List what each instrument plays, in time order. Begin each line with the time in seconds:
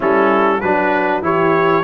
0.00 tuba G3, trombone C#4, horn E4, trumpet A4
0.60 tuba F#3, trombone D4, horn F#4, trumpet B4
1.22 tuba E3, trombone E4, horn G4, trumpet C#5